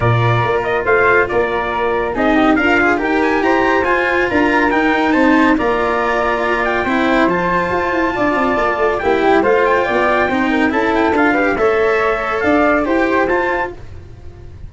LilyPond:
<<
  \new Staff \with { instrumentName = "trumpet" } { \time 4/4 \tempo 4 = 140 d''4. dis''8 f''4 d''4~ | d''4 dis''4 f''4 g''8 gis''8 | ais''4 gis''4 ais''4 g''4 | a''4 ais''2~ ais''8 g''8~ |
g''4 a''2.~ | a''4 g''4 f''8 g''4.~ | g''4 a''8 g''8 f''4 e''4~ | e''4 f''4 g''4 a''4 | }
  \new Staff \with { instrumentName = "flute" } { \time 4/4 ais'2 c''4 ais'4~ | ais'4 gis'8 g'8 f'4 ais'4 | c''2 ais'2 | c''4 d''2. |
c''2. d''4~ | d''4 g'4 c''4 d''4 | c''8 ais'8 a'4. b'8 cis''4~ | cis''4 d''4 c''2 | }
  \new Staff \with { instrumentName = "cello" } { \time 4/4 f'1~ | f'4 dis'4 ais'8 gis'8 g'4~ | g'4 f'2 dis'4~ | dis'4 f'2. |
e'4 f'2.~ | f'4 e'4 f'2 | dis'4 e'4 f'8 g'8 a'4~ | a'2 g'4 f'4 | }
  \new Staff \with { instrumentName = "tuba" } { \time 4/4 ais,4 ais4 a4 ais4~ | ais4 c'4 d'4 dis'4 | e'4 f'4 d'4 dis'4 | c'4 ais2. |
c'4 f4 f'8 e'8 d'8 c'8 | ais8 a8 ais8 g8 a4 b4 | c'4 cis'4 d'4 a4~ | a4 d'4 e'4 f'4 | }
>>